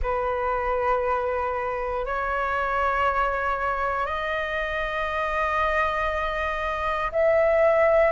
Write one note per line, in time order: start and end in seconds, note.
0.02 2.05 B4
2.05 4.06 C#5
4.06 7.11 D#5
7.12 8.11 E5